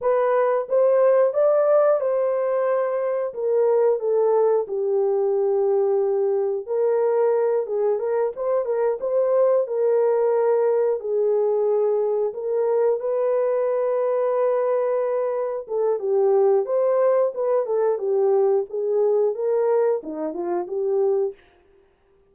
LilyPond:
\new Staff \with { instrumentName = "horn" } { \time 4/4 \tempo 4 = 90 b'4 c''4 d''4 c''4~ | c''4 ais'4 a'4 g'4~ | g'2 ais'4. gis'8 | ais'8 c''8 ais'8 c''4 ais'4.~ |
ais'8 gis'2 ais'4 b'8~ | b'2.~ b'8 a'8 | g'4 c''4 b'8 a'8 g'4 | gis'4 ais'4 dis'8 f'8 g'4 | }